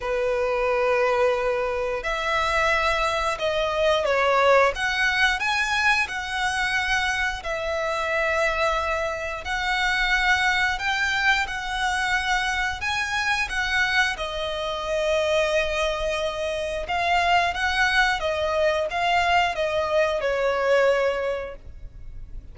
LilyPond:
\new Staff \with { instrumentName = "violin" } { \time 4/4 \tempo 4 = 89 b'2. e''4~ | e''4 dis''4 cis''4 fis''4 | gis''4 fis''2 e''4~ | e''2 fis''2 |
g''4 fis''2 gis''4 | fis''4 dis''2.~ | dis''4 f''4 fis''4 dis''4 | f''4 dis''4 cis''2 | }